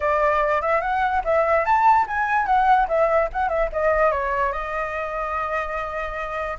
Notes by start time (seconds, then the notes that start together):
0.00 D5
0.61 E5
0.81 F#5
1.24 E5
1.65 A5
2.07 G#5
2.46 F#5
2.88 E5
3.32 F#5
3.48 E5
3.72 D#5
4.11 C#5
4.52 D#5